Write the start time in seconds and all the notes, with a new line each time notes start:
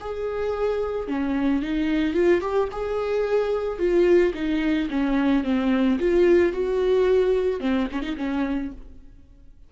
0.00 G#4
1.08 C#4
1.62 D#4
2.14 F4
2.41 G4
2.72 G#4
3.78 F4
4.34 D#4
4.90 C#4
5.44 C4
5.99 F4
6.53 F#4
7.60 C4
7.92 C#4
8.02 D#4
8.17 C#4